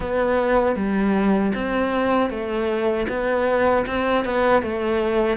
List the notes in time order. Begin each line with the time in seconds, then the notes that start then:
0.00 B3
0.75 G3
1.54 C4
2.29 A3
3.08 B3
3.86 C4
4.24 B3
4.62 A3